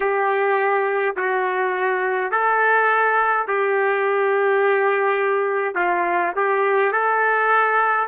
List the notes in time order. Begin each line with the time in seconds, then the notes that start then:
0.00 G4
1.16 F#4
2.31 A4
3.47 G4
5.74 F4
6.35 G4
6.92 A4